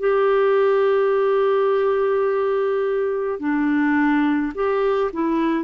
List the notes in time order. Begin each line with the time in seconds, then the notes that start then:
0.00 G4
3.40 D4
4.54 G4
5.13 E4